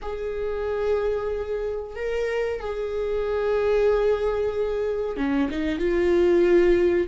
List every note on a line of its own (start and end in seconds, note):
0.02 1.95 G#4
1.95 2.60 A#4
2.60 5.16 G#4
5.16 5.49 C#4
5.50 5.78 D#4
5.78 7.07 F4